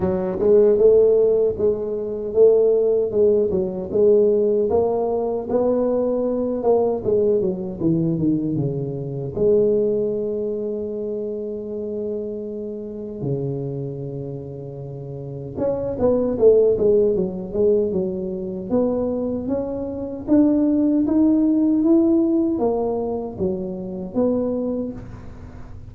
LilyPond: \new Staff \with { instrumentName = "tuba" } { \time 4/4 \tempo 4 = 77 fis8 gis8 a4 gis4 a4 | gis8 fis8 gis4 ais4 b4~ | b8 ais8 gis8 fis8 e8 dis8 cis4 | gis1~ |
gis4 cis2. | cis'8 b8 a8 gis8 fis8 gis8 fis4 | b4 cis'4 d'4 dis'4 | e'4 ais4 fis4 b4 | }